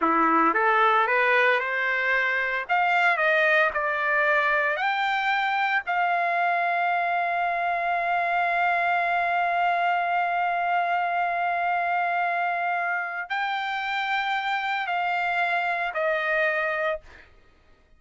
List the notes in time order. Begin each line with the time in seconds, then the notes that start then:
0.01 E4
0.54 A4
1.07 B4
1.59 C5
2.68 F5
3.17 D#5
3.73 D5
4.76 G5
5.86 F5
13.29 G5
14.86 F5
15.94 D#5